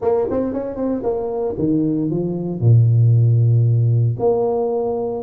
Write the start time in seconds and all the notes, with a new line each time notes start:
0.01 A#3
0.30 C4
0.53 C#4
0.76 C4
1.03 A#3
1.58 D#3
2.10 F3
2.60 A#2
4.19 A#3